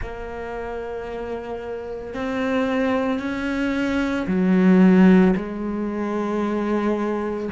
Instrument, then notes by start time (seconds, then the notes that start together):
cello
0.01 A#3
2.14 C4
3.19 C#4
4.27 F#3
5.36 G#3